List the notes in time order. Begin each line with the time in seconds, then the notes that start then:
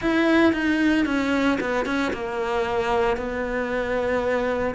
0.01 E4
0.53 D#4
1.05 C#4
1.60 B3
1.85 C#4
2.13 A#3
3.16 B3